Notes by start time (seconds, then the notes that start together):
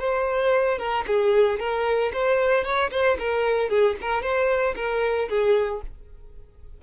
0.00 C5
0.79 A#4
1.07 G#4
1.60 A#4
2.14 C5
2.65 C#5
2.92 C5
3.19 A#4
3.70 G#4
4.02 A#4
4.22 C5
4.76 A#4
5.29 G#4